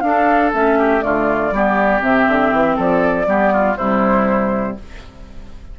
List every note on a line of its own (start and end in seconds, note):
0.00 0.52 D4
0.00 0.53 D4
0.00 0.79 A4
0.00 0.50 F5
0.53 1.02 A3
0.53 1.01 C#4
0.53 1.02 E5
0.79 1.04 G4
1.01 1.51 D3
1.01 1.51 A3
1.01 1.54 F4
1.01 2.02 D5
1.51 2.01 G3
1.51 2.00 B3
1.51 2.76 G4
2.00 2.26 C3
2.00 3.25 C4
2.00 2.77 E5
2.28 2.52 D3
2.52 2.77 E3
2.76 3.27 F3
2.76 3.26 A4
2.76 3.76 D5
3.27 3.77 G3
3.27 3.77 B3
3.27 3.53 G4
3.53 3.77 F4
3.76 4.77 C3
3.76 4.79 G3
3.76 4.77 E4
3.76 4.76 C5